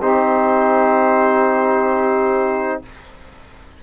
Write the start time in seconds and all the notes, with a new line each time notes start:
0.00 C4 D#4 G4 C5